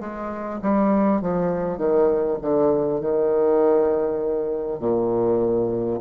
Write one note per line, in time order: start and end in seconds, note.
0.00 0.60 G#3
0.62 1.21 G3
1.21 1.78 F3
1.78 2.38 D#3
2.42 3.01 D3
3.01 4.80 D#3
4.80 6.00 A#2